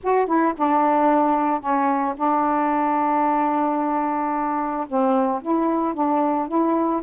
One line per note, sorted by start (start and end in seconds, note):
0.03 0.26 F#4
0.26 0.53 E4
0.57 1.60 D4
1.60 2.14 C#4
2.16 4.86 D4
4.87 5.41 C4
5.42 5.93 E4
5.93 6.47 D4
6.47 7.01 E4